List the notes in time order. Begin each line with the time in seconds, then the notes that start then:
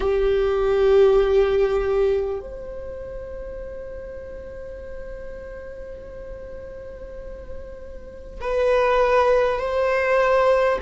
0.00 G4
2.39 C5
8.40 B4
9.58 C5